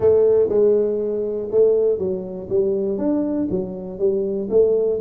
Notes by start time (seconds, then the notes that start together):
0.00 A3
0.48 G#3
1.51 A3
1.98 F#3
2.49 G3
2.97 D4
3.50 F#3
3.99 G3
4.50 A3